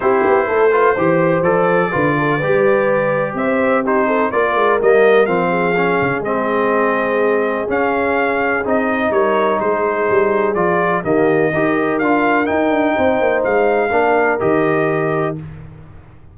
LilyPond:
<<
  \new Staff \with { instrumentName = "trumpet" } { \time 4/4 \tempo 4 = 125 c''2. d''4~ | d''2. e''4 | c''4 d''4 dis''4 f''4~ | f''4 dis''2. |
f''2 dis''4 cis''4 | c''2 d''4 dis''4~ | dis''4 f''4 g''2 | f''2 dis''2 | }
  \new Staff \with { instrumentName = "horn" } { \time 4/4 g'4 a'8 b'8 c''2 | b'8 a'8 b'2 c''4 | g'8 a'8 ais'2~ ais'8 gis'8~ | gis'1~ |
gis'2. ais'4 | gis'2. g'4 | ais'2. c''4~ | c''4 ais'2. | }
  \new Staff \with { instrumentName = "trombone" } { \time 4/4 e'4. f'8 g'4 a'4 | f'4 g'2. | dis'4 f'4 ais4 c'4 | cis'4 c'2. |
cis'2 dis'2~ | dis'2 f'4 ais4 | g'4 f'4 dis'2~ | dis'4 d'4 g'2 | }
  \new Staff \with { instrumentName = "tuba" } { \time 4/4 c'8 b8 a4 e4 f4 | d4 g2 c'4~ | c'4 ais8 gis8 g4 f4~ | f8 cis8 gis2. |
cis'2 c'4 g4 | gis4 g4 f4 dis4 | dis'4 d'4 dis'8 d'8 c'8 ais8 | gis4 ais4 dis2 | }
>>